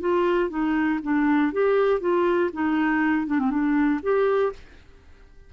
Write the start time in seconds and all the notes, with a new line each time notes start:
0.00 F4
0.49 D#4
1.02 D4
1.52 G4
2.00 F4
2.53 D#4
3.26 D4
3.39 C4
3.50 D4
4.02 G4